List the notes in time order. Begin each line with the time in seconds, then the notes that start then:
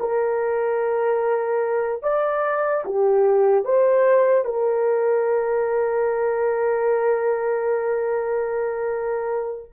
0.00 A#4
2.03 D5
2.85 G4
3.65 C5
4.45 A#4